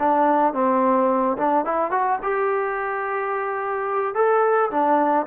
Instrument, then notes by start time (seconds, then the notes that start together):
trombone
0.00 D4
0.54 C4
1.38 D4
1.66 E4
1.92 F#4
2.23 G4
4.15 A4
4.71 D4